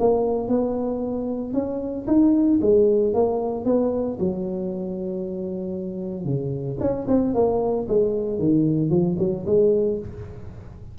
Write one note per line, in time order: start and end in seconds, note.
0.00 0.49 A#3
0.49 1.54 B3
1.54 2.06 C#4
2.07 2.60 D#4
2.61 3.14 G#3
3.14 3.65 A#3
3.65 4.18 B3
4.20 6.25 F#3
6.25 6.78 C#3
6.80 7.07 C#4
7.08 7.34 C4
7.35 7.87 A#3
7.89 8.39 G#3
8.39 8.90 D#3
8.90 9.16 F3
9.19 9.45 F#3
9.46 9.99 G#3